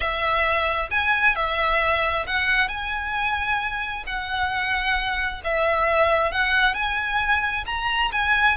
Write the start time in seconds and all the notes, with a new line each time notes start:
0.00 E5
0.90 G#5
1.35 E5
2.27 F#5
2.68 G#5
4.06 F#5
5.43 E5
6.31 F#5
6.74 G#5
7.66 A#5
8.12 G#5